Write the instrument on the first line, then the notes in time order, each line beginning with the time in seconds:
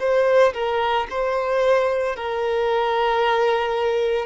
violin
0.00 C5
0.54 A#4
1.10 C5
2.16 A#4